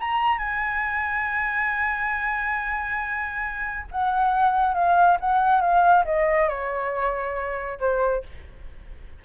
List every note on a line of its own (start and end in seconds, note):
0.00 0.39 A#5
0.39 3.86 G#5
3.92 4.74 F#5
4.74 5.18 F5
5.21 5.61 F#5
5.61 6.05 F5
6.05 6.49 D#5
6.49 7.79 C#5
7.80 8.24 C5